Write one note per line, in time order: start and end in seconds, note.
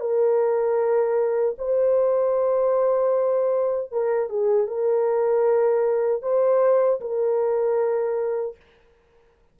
0.00 1.56 A#4
1.58 3.92 C5
3.92 4.29 A#4
4.29 4.67 G#4
4.67 6.22 A#4
6.22 7.00 C5
7.00 8.56 A#4